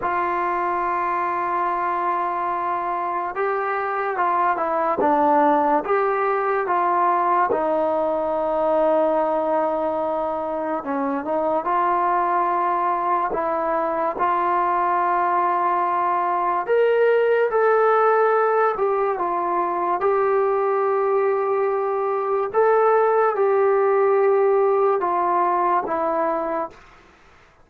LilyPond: \new Staff \with { instrumentName = "trombone" } { \time 4/4 \tempo 4 = 72 f'1 | g'4 f'8 e'8 d'4 g'4 | f'4 dis'2.~ | dis'4 cis'8 dis'8 f'2 |
e'4 f'2. | ais'4 a'4. g'8 f'4 | g'2. a'4 | g'2 f'4 e'4 | }